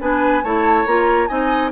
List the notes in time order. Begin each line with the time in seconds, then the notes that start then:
0.00 B3 D4 B4 G#5
0.43 A3 E4 C#5 A5
0.85 A#3 F4 A#5
1.27 C4 D#4 D#5 G#5